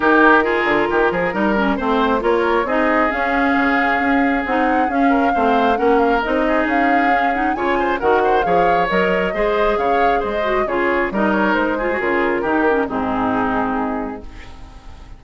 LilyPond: <<
  \new Staff \with { instrumentName = "flute" } { \time 4/4 \tempo 4 = 135 ais'1 | c''4 cis''4 dis''4 f''4~ | f''2 fis''4 f''4~ | f''4 fis''8 f''8 dis''4 f''4~ |
f''8 fis''8 gis''4 fis''4 f''4 | dis''2 f''4 dis''4 | cis''4 dis''8 cis''8 c''4 ais'4~ | ais'4 gis'2. | }
  \new Staff \with { instrumentName = "oboe" } { \time 4/4 g'4 gis'4 g'8 gis'8 ais'4 | c''4 ais'4 gis'2~ | gis'2.~ gis'8 ais'8 | c''4 ais'4. gis'4.~ |
gis'4 cis''8 c''8 ais'8 c''8 cis''4~ | cis''4 c''4 cis''4 c''4 | gis'4 ais'4. gis'4. | g'4 dis'2. | }
  \new Staff \with { instrumentName = "clarinet" } { \time 4/4 dis'4 f'2 dis'8 cis'8 | c'4 f'4 dis'4 cis'4~ | cis'2 dis'4 cis'4 | c'4 cis'4 dis'2 |
cis'8 dis'8 f'4 fis'4 gis'4 | ais'4 gis'2~ gis'8 fis'8 | f'4 dis'4. f'16 fis'16 f'4 | dis'8 cis'8 c'2. | }
  \new Staff \with { instrumentName = "bassoon" } { \time 4/4 dis4. d8 dis8 f8 g4 | a4 ais4 c'4 cis'4 | cis4 cis'4 c'4 cis'4 | a4 ais4 c'4 cis'4~ |
cis'4 cis4 dis4 f4 | fis4 gis4 cis4 gis4 | cis4 g4 gis4 cis4 | dis4 gis,2. | }
>>